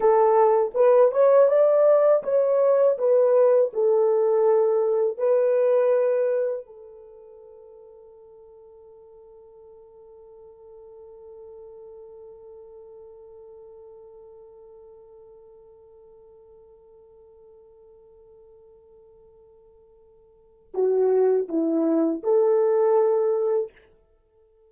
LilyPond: \new Staff \with { instrumentName = "horn" } { \time 4/4 \tempo 4 = 81 a'4 b'8 cis''8 d''4 cis''4 | b'4 a'2 b'4~ | b'4 a'2.~ | a'1~ |
a'1~ | a'1~ | a'1 | fis'4 e'4 a'2 | }